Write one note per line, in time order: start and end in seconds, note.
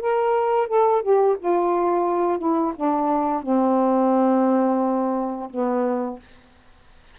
0.00 0.67 A#4
0.67 1.02 A4
1.02 1.36 G4
1.39 2.38 F4
2.38 2.73 E4
2.76 3.42 D4
3.42 5.49 C4
5.50 6.19 B3